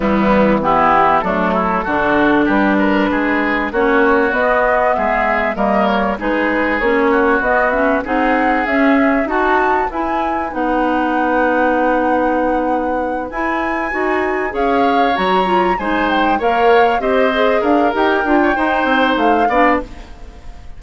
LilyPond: <<
  \new Staff \with { instrumentName = "flute" } { \time 4/4 \tempo 4 = 97 e'4 g'4 a'2 | b'2 cis''4 dis''4 | e''4 dis''8 cis''8 b'4 cis''4 | dis''8 e''8 fis''4 e''4 a''4 |
gis''4 fis''2.~ | fis''4. gis''2 f''8~ | f''8 ais''4 gis''8 g''8 f''4 dis''8~ | dis''8 f''8 g''2 f''4 | }
  \new Staff \with { instrumentName = "oboe" } { \time 4/4 b4 e'4 d'8 e'8 fis'4 | g'8 ais'8 gis'4 fis'2 | gis'4 ais'4 gis'4. fis'8~ | fis'4 gis'2 fis'4 |
b'1~ | b'2.~ b'8 cis''8~ | cis''4. c''4 cis''4 c''8~ | c''8 ais'4~ ais'16 cis''16 c''4. d''8 | }
  \new Staff \with { instrumentName = "clarinet" } { \time 4/4 g4 b4 a4 d'4~ | d'2 cis'4 b4~ | b4 ais4 dis'4 cis'4 | b8 cis'8 dis'4 cis'4 fis'4 |
e'4 dis'2.~ | dis'4. e'4 fis'4 gis'8~ | gis'8 fis'8 f'8 dis'4 ais'4 g'8 | gis'4 g'8 f'8 dis'4. d'8 | }
  \new Staff \with { instrumentName = "bassoon" } { \time 4/4 e2 fis4 d4 | g4 gis4 ais4 b4 | gis4 g4 gis4 ais4 | b4 c'4 cis'4 dis'4 |
e'4 b2.~ | b4. e'4 dis'4 cis'8~ | cis'8 fis4 gis4 ais4 c'8~ | c'8 d'8 dis'8 d'8 dis'8 c'8 a8 b8 | }
>>